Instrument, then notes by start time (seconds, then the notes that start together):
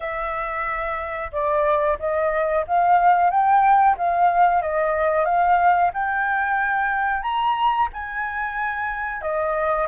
flute
0.00 E5
1.32 D5
1.99 D#5
2.67 F5
3.30 G5
3.97 F5
4.62 D#5
5.25 F5
5.93 G5
7.22 A#5
7.93 G#5
9.21 D#5